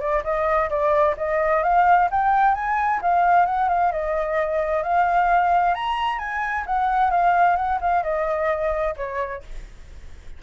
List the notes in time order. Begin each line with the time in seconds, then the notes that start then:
0.00 D5
0.24 D#5
0.70 D5
1.17 D#5
1.63 F5
2.11 G5
2.55 G#5
3.02 F5
3.46 F#5
3.69 F5
3.92 D#5
4.83 F5
5.74 A#5
6.19 G#5
6.66 F#5
7.11 F5
7.56 F#5
7.81 F5
8.03 D#5
8.97 C#5